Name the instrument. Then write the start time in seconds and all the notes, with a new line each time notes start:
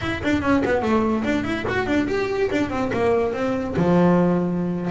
double bass
0.01 E4
0.23 D4
0.42 C#4
0.65 B3
0.81 A3
1.23 D4
1.44 E4
1.68 F#4
1.86 D4
2.07 G4
2.51 D4
2.70 C4
2.93 A#3
3.33 C4
3.76 F3